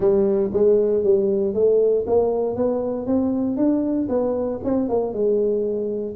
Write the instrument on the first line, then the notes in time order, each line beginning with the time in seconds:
tuba
0.00 G3
0.53 G#3
1.03 G3
1.53 A3
2.07 A#3
2.55 B3
3.06 C4
3.56 D4
4.08 B3
4.63 C4
4.89 A#3
5.13 G#3